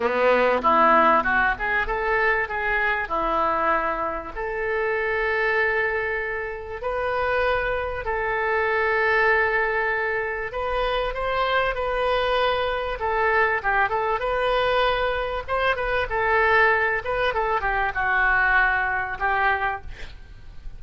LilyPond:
\new Staff \with { instrumentName = "oboe" } { \time 4/4 \tempo 4 = 97 b4 e'4 fis'8 gis'8 a'4 | gis'4 e'2 a'4~ | a'2. b'4~ | b'4 a'2.~ |
a'4 b'4 c''4 b'4~ | b'4 a'4 g'8 a'8 b'4~ | b'4 c''8 b'8 a'4. b'8 | a'8 g'8 fis'2 g'4 | }